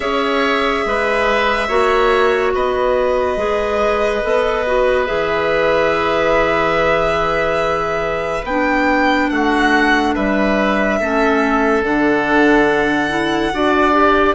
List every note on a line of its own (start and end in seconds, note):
0.00 0.84 C#4
0.00 1.68 G#4
0.00 0.84 C#5
0.00 2.50 E5
0.85 1.69 G#3
0.85 1.68 B4
1.68 2.53 A#3
1.68 3.37 F#4
1.68 2.52 C#5
2.54 3.36 B3
2.54 9.30 B4
2.54 5.06 D#5
3.36 4.21 G#3
3.36 4.21 G#4
4.23 5.08 B3
4.23 4.65 A4
4.66 5.05 F#4
5.05 8.43 E3
5.05 8.43 G#4
5.05 8.44 E5
8.43 9.28 B3
8.43 11.01 D4
8.43 9.29 G5
9.29 10.15 A3
9.29 10.14 F#4
9.29 10.14 F#5
10.14 11.00 G3
10.14 10.99 B4
10.14 11.84 E5
10.99 11.83 A3
10.99 11.82 C#4
10.99 13.53 A4
11.82 13.52 D3
11.82 13.08 D4
11.82 14.34 F#5
13.08 13.51 E4
13.52 14.34 D4
13.52 13.92 F#4
13.52 14.34 D5
13.92 14.34 G4